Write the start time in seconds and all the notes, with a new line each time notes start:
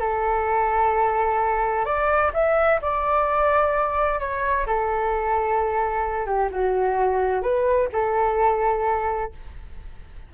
0.00 A4
1.85 D5
2.34 E5
2.82 D5
4.20 C#5
4.67 A4
6.26 G4
6.51 F#4
7.42 B4
7.93 A4